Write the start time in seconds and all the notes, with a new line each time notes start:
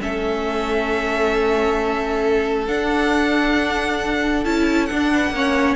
0.00 A3 C#4 A4 E5
2.67 D4 F#5
4.45 C#4 E4 A5
4.86 D4 F#5
4.92 D4
5.12 B4
5.30 A#3 C#4 C#5